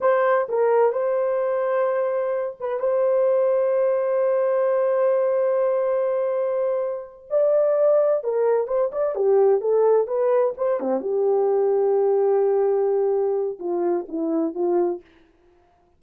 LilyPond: \new Staff \with { instrumentName = "horn" } { \time 4/4 \tempo 4 = 128 c''4 ais'4 c''2~ | c''4. b'8 c''2~ | c''1~ | c''2.~ c''8 d''8~ |
d''4. ais'4 c''8 d''8 g'8~ | g'8 a'4 b'4 c''8 c'8 g'8~ | g'1~ | g'4 f'4 e'4 f'4 | }